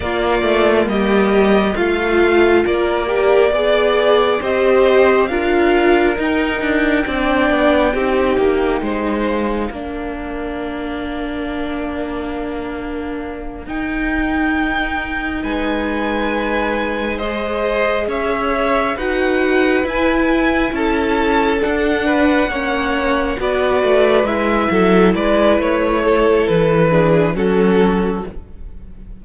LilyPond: <<
  \new Staff \with { instrumentName = "violin" } { \time 4/4 \tempo 4 = 68 d''4 dis''4 f''4 d''4~ | d''4 dis''4 f''4 g''4~ | g''2~ g''8 f''4.~ | f''2.~ f''8 g''8~ |
g''4. gis''2 dis''8~ | dis''8 e''4 fis''4 gis''4 a''8~ | a''8 fis''2 d''4 e''8~ | e''8 d''8 cis''4 b'4 a'4 | }
  \new Staff \with { instrumentName = "violin" } { \time 4/4 f'4 g'4 f'4 ais'4 | d''4 c''4 ais'2 | d''4 g'4 c''4 ais'4~ | ais'1~ |
ais'4. b'2 c''8~ | c''8 cis''4 b'2 a'8~ | a'4 b'8 cis''4 b'4. | a'8 b'4 a'4 gis'8 fis'4 | }
  \new Staff \with { instrumentName = "viola" } { \time 4/4 ais2 f'4. g'8 | gis'4 g'4 f'4 dis'4 | d'4 dis'2 d'4~ | d'2.~ d'8 dis'8~ |
dis'2.~ dis'8 gis'8~ | gis'4. fis'4 e'4.~ | e'8 d'4 cis'4 fis'4 e'8~ | e'2~ e'8 d'8 cis'4 | }
  \new Staff \with { instrumentName = "cello" } { \time 4/4 ais8 a8 g4 a4 ais4 | b4 c'4 d'4 dis'8 d'8 | c'8 b8 c'8 ais8 gis4 ais4~ | ais2.~ ais8 dis'8~ |
dis'4. gis2~ gis8~ | gis8 cis'4 dis'4 e'4 cis'8~ | cis'8 d'4 ais4 b8 a8 gis8 | fis8 gis8 a4 e4 fis4 | }
>>